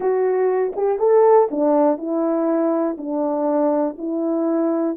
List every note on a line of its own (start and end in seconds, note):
0.00 0.73 F#4
0.76 0.98 G4
0.98 1.48 A4
1.51 1.97 D4
1.97 2.96 E4
2.97 3.96 D4
3.98 4.97 E4